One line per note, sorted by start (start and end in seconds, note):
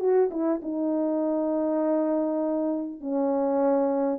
0.00 0.30 F#4
0.31 0.61 E4
0.62 3.01 D#4
3.01 4.19 C#4